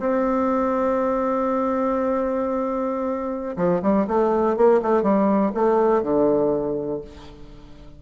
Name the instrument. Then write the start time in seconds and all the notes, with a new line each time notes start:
bassoon
0.00 C4
3.57 F3
3.82 G3
4.08 A3
4.57 A#3
4.82 A3
5.03 G3
5.54 A3
6.03 D3